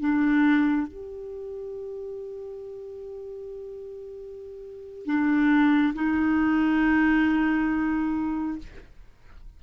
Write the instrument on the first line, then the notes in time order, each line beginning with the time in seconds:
clarinet
0.00 D4
0.87 G4
5.05 D4
5.94 D#4